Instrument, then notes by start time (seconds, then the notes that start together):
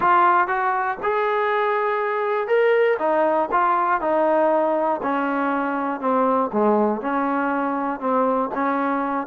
trombone
0.00 F4
0.47 F#4
1.02 G#4
2.47 A#4
2.99 D#4
3.51 F4
4.00 D#4
5.02 C#4
6.00 C4
6.52 G#3
7.01 C#4
8.00 C4
8.54 C#4